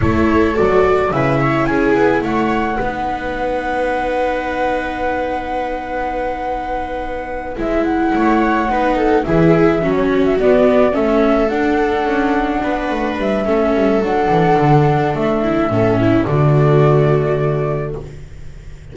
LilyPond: <<
  \new Staff \with { instrumentName = "flute" } { \time 4/4 \tempo 4 = 107 cis''4 d''4 e''4 gis''4 | fis''1~ | fis''1~ | fis''4. e''8 fis''2~ |
fis''8 e''4~ e''16 cis''8 e''16 d''4 e''8~ | e''8 fis''2. e''8~ | e''4 fis''2 e''4~ | e''4 d''2. | }
  \new Staff \with { instrumentName = "viola" } { \time 4/4 a'2 b'8 cis''8 gis'4 | cis''4 b'2.~ | b'1~ | b'2~ b'8 cis''4 b'8 |
a'8 gis'4 fis'2 a'8~ | a'2~ a'8 b'4. | a'2.~ a'8 e'8 | a'8 e'8 fis'2. | }
  \new Staff \with { instrumentName = "viola" } { \time 4/4 e'4 fis'4 e'2~ | e'4 dis'2.~ | dis'1~ | dis'4. e'2 dis'8~ |
dis'8 e'4 cis'4 b4 cis'8~ | cis'8 d'2.~ d'8 | cis'4 d'2. | cis'4 a2. | }
  \new Staff \with { instrumentName = "double bass" } { \time 4/4 a4 fis4 cis4 cis'8 b8 | a4 b2.~ | b1~ | b4. gis4 a4 b8~ |
b8 e4 fis4 b4 a8~ | a8 d'4 cis'4 b8 a8 g8 | a8 g8 fis8 e8 d4 a4 | a,4 d2. | }
>>